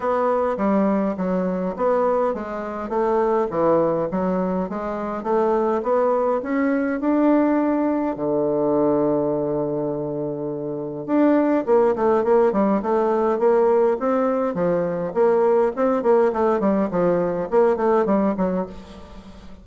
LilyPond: \new Staff \with { instrumentName = "bassoon" } { \time 4/4 \tempo 4 = 103 b4 g4 fis4 b4 | gis4 a4 e4 fis4 | gis4 a4 b4 cis'4 | d'2 d2~ |
d2. d'4 | ais8 a8 ais8 g8 a4 ais4 | c'4 f4 ais4 c'8 ais8 | a8 g8 f4 ais8 a8 g8 fis8 | }